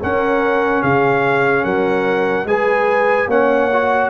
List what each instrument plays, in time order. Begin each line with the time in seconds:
0.00 trombone C#4, tuba C#4, horn A#4, trumpet F#5
0.82 tuba C#3, horn G#4, trumpet F5
1.64 tuba F#3, horn A#4, trumpet F#5
2.45 tuba G#3, trombone G#4, horn B4, trumpet G#5
3.27 tuba A#3, trombone C#4, horn C#5, trumpet F#5
3.73 trombone F#4